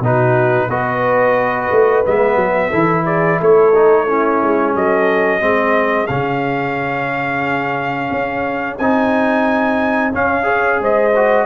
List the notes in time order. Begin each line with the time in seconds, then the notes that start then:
0.00 B2 D#4 F#4 B4
0.68 B3 F#4 B4 D#5
1.71 A3
2.05 G#3 B3 E5
2.35 F#3
2.70 E3 E4 A4
3.05 G#4 D5
3.40 A3 A4 C#5
3.75 D#4
4.06 C#4 E4
4.42 G#3
4.75 F#3 A4 D#5
5.40 G#3 C4 G#4
6.06 C#3 C#4 F5
8.11 C#4
8.77 C4 D#4 G#5
10.12 C#4 F5
10.43 G#4 C#5
10.80 G#3 C5 D#5
11.15 F#4